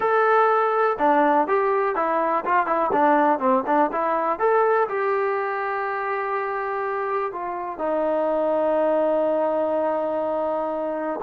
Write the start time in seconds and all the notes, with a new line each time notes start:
0.00 A4
0.99 D4
1.47 G4
1.95 E4
2.45 F4
2.66 E4
2.92 D4
3.39 C4
3.66 D4
3.92 E4
4.39 A4
4.88 G4
7.32 F4
7.78 D#4